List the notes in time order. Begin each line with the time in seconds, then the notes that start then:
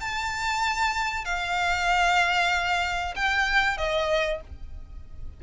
0.00 A5
1.25 F5
3.15 G5
3.78 D#5